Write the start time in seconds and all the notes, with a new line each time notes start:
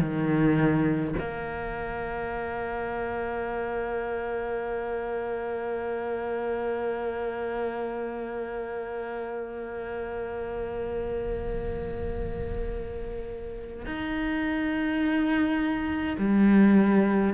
0.00 D#3
1.19 A#3
13.86 D#4
16.19 G3